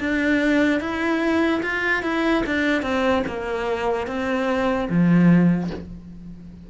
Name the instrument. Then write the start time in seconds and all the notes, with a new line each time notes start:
cello
0.00 D4
0.80 E4
1.63 F4
2.03 E4
2.46 D4
2.82 C4
3.27 A#3
4.07 C4
4.89 F3